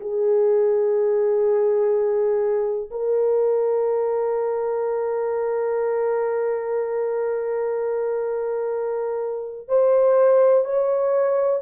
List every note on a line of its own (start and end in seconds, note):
0.00 2.90 G#4
2.91 9.68 A#4
9.68 10.65 C5
10.65 11.61 C#5